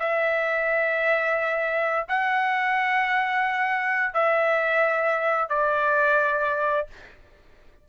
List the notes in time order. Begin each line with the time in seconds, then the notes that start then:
0.00 E5
2.09 F#5
4.14 E5
5.50 D5